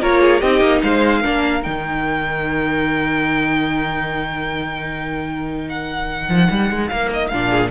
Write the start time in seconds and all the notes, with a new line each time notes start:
0.00 A#3 F4 A#4 C#5
0.20 G#4
0.40 C4 D#4 G4 D#5
0.60 A#3
0.82 G#3 C5 F5
1.20 A#3 D4 A#4
1.62 D#3 D#4 G5
5.69 F#5
6.28 F3
6.50 G3
6.70 G#3
6.88 A#3 F5
7.13 D#5
7.28 A#2 D4 F5
7.49 G#4